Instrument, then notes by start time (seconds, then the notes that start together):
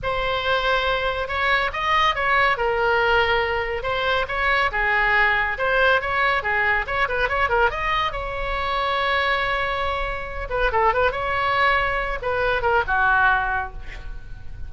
oboe
0.02 C5
1.28 C#5
1.73 D#5
2.15 C#5
2.57 A#4
3.83 C5
4.28 C#5
4.71 G#4
5.58 C5
6.01 C#5
6.42 G#4
6.86 C#5
7.08 B4
7.28 C#5
7.49 A#4
7.70 D#5
8.12 C#5
10.49 B4
10.72 A4
10.93 B4
11.11 C#5
12.22 B4
12.61 A#4
12.87 F#4